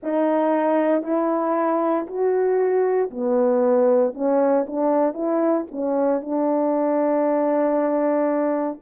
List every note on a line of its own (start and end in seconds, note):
0.02 1.03 D#4
1.03 2.06 E4
2.06 3.10 F#4
3.10 4.14 B3
4.14 4.66 C#4
4.66 5.13 D4
5.13 5.65 E4
5.71 6.21 C#4
6.21 8.79 D4